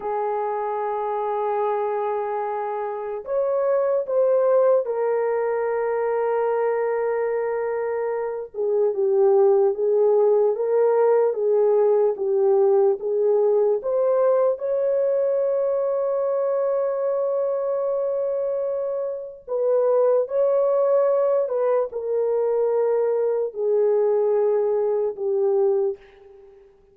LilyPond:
\new Staff \with { instrumentName = "horn" } { \time 4/4 \tempo 4 = 74 gis'1 | cis''4 c''4 ais'2~ | ais'2~ ais'8 gis'8 g'4 | gis'4 ais'4 gis'4 g'4 |
gis'4 c''4 cis''2~ | cis''1 | b'4 cis''4. b'8 ais'4~ | ais'4 gis'2 g'4 | }